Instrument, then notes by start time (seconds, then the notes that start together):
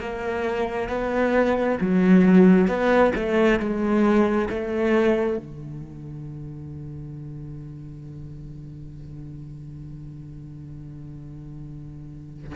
cello
0.00 A#3
0.89 B3
1.81 F#3
2.67 B3
3.15 A3
3.59 G#3
4.50 A3
5.37 D3